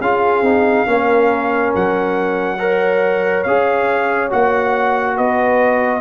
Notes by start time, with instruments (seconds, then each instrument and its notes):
0.00 tuba C#4, trombone F4, horn G#4, trumpet F5
0.41 tuba C4, trombone D#4
0.86 tuba A#3, trombone C#4, horn A#4
1.75 tuba F#3, trumpet F#5
2.59 trombone A#4, horn C#5
3.43 tuba C#4, trombone G#4, trumpet F5
4.29 tuba A#3, trombone F#4, trumpet F#5
5.15 tuba B3, horn B4, trumpet D#5